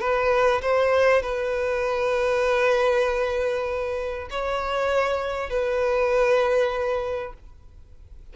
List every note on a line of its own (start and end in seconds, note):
0.00 0.61 B4
0.62 1.22 C5
1.22 4.29 B4
4.30 5.50 C#5
5.50 7.34 B4